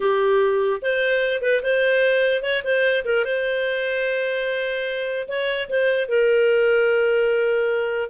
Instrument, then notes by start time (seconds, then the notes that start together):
clarinet
0.00 G4
0.82 C5
1.41 B4
1.62 C5
2.42 C#5
2.64 C5
3.04 A#4
3.24 C5
5.28 C#5
5.69 C5
6.08 A#4